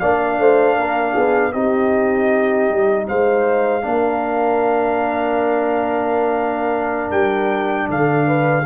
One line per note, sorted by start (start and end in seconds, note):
0.00 0.37 A#3
0.00 1.53 D4
0.00 0.39 D5
0.00 1.52 F5
0.37 0.75 A3
0.37 0.78 C5
0.75 1.14 A#3
0.75 1.13 A#4
1.13 1.54 B3
1.13 1.51 G#4
1.52 2.69 C4
1.52 3.82 D#4
1.52 3.07 G4
1.52 3.06 D#5
2.70 3.08 G3
3.07 3.84 G#3
3.07 3.84 C5
3.07 7.11 F5
3.82 7.11 A#3
3.82 8.63 D4
3.82 7.89 A#4
7.11 7.88 G3
7.11 7.88 G5
7.89 8.66 D3
7.89 8.27 A4
7.89 8.66 F5
8.27 8.65 B4